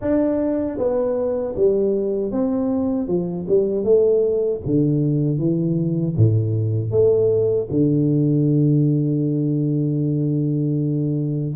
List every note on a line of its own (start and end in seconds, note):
0.01 0.78 D4
0.78 1.55 B3
1.56 2.31 G3
2.31 3.07 C4
3.07 3.45 F3
3.48 3.84 G3
3.84 4.60 A3
4.65 5.38 D3
5.38 6.15 E3
6.16 6.90 A2
6.90 7.67 A3
7.70 11.55 D3